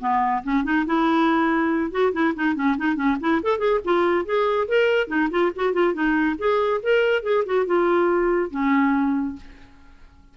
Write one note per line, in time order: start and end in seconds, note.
0.00 0.43 B3
0.44 0.64 C#4
0.64 0.85 D#4
0.86 1.91 E4
1.91 2.12 F#4
2.13 2.34 E4
2.35 2.55 D#4
2.55 2.76 C#4
2.77 2.96 D#4
2.96 3.17 C#4
3.20 3.41 E4
3.43 3.58 A4
3.58 3.80 G#4
3.84 4.25 F4
4.25 4.68 G#4
4.68 5.07 A#4
5.07 5.29 D#4
5.30 5.51 F4
5.56 5.73 F#4
5.73 5.93 F4
5.93 6.36 D#4
6.38 6.81 G#4
6.83 7.23 A#4
7.23 7.44 G#4
7.46 7.66 F#4
7.66 8.51 F4
8.51 9.36 C#4